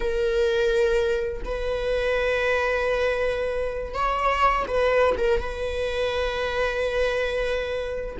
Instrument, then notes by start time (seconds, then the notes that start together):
viola
0.00 A#4
1.44 B4
3.93 C#5
4.67 B4
5.17 A#4
5.40 B4